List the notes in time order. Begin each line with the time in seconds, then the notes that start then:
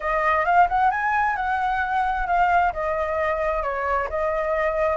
0.00 D#5
0.45 F5
0.68 F#5
0.90 G#5
1.35 F#5
2.26 F5
2.72 D#5
3.62 C#5
4.09 D#5